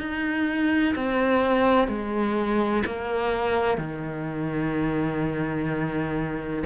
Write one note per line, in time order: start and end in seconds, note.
0.00 0.95 D#4
0.96 1.88 C4
1.88 2.84 G#3
2.87 3.78 A#3
3.78 6.64 D#3